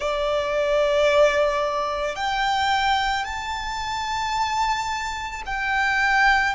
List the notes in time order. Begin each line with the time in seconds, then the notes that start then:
0.00 D5
2.15 G5
3.24 A5
5.45 G5